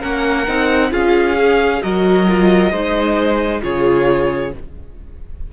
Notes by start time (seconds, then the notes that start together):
0.00 A#3 C#4 A#4 F#5
0.48 C4 D#4
0.91 C#4 F4 G#4 F5
1.39 G#4
1.82 F#3 F#4 A#4 D#5
2.28 F4
2.72 G#3 D#4 C5
3.63 C#3 F4 G#4 C#5